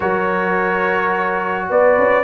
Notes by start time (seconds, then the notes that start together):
0.00 F#3 F#4 A#4 C#5
1.69 B3 B4 D5
1.98 C#4